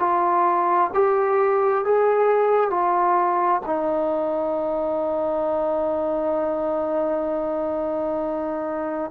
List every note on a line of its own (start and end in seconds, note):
0.00 0.91 F4
0.94 1.85 G4
1.85 2.71 G#4
2.71 3.62 F4
3.66 9.11 D#4